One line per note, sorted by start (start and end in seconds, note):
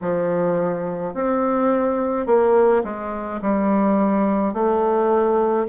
0.01 1.13 F3
1.13 2.26 C4
2.26 2.83 A#3
2.84 3.40 G#3
3.41 4.53 G3
4.53 5.66 A3